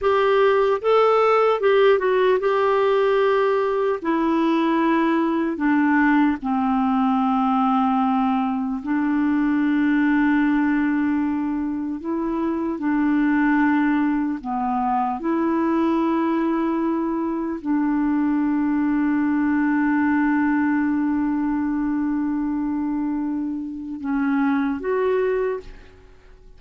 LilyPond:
\new Staff \with { instrumentName = "clarinet" } { \time 4/4 \tempo 4 = 75 g'4 a'4 g'8 fis'8 g'4~ | g'4 e'2 d'4 | c'2. d'4~ | d'2. e'4 |
d'2 b4 e'4~ | e'2 d'2~ | d'1~ | d'2 cis'4 fis'4 | }